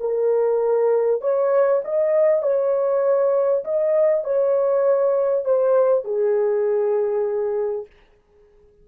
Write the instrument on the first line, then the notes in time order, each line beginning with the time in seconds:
horn
0.00 A#4
1.21 C#5
1.85 D#5
2.43 C#5
3.64 D#5
4.24 C#5
5.45 C5
6.04 G#4